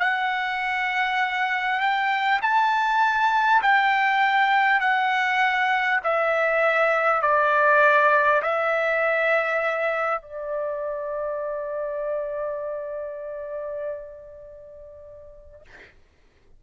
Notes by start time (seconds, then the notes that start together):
0.00 F#5
1.80 G5
2.42 A5
3.63 G5
4.81 F#5
6.04 E5
7.22 D5
8.42 E5
10.22 D5